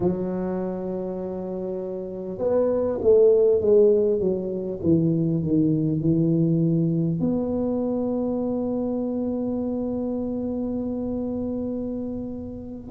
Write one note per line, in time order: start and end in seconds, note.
0.00 2.38 F#3
2.38 2.98 B3
3.01 3.61 A3
3.61 4.19 G#3
4.19 4.79 F#3
4.83 5.43 E3
5.43 6.00 D#3
6.00 7.20 E3
7.20 12.90 B3